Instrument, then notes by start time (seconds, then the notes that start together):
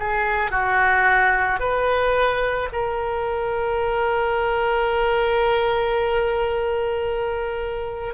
oboe
0.00 G#4
0.51 F#4
1.60 B4
2.72 A#4